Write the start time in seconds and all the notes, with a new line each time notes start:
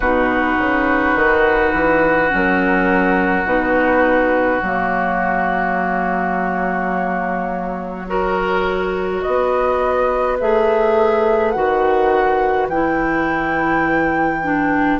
0.00 B2 D#4 F#4 B4
0.58 C#3
1.15 D#3
1.72 E3
2.29 F#3 C#4
2.35 A#4
3.44 B2 D#4 B4
4.61 F#3 A#3 C#5
8.07 F#4 A#4
9.21 B3 B4 D#5
10.39 A3 G#4 E5
11.51 D#3 F#4 F#5
12.68 E3 E4 G5
14.43 D4